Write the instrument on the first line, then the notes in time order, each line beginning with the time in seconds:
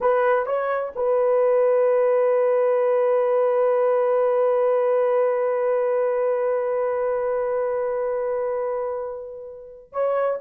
horn
0.00 B4
0.46 C#5
0.95 B4
9.92 C#5